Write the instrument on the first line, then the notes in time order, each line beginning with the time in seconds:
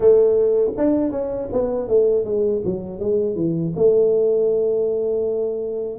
tuba
0.00 A3
0.77 D4
1.11 C#4
1.52 B3
1.88 A3
2.24 G#3
2.65 F#3
2.99 G#3
3.35 E3
3.76 A3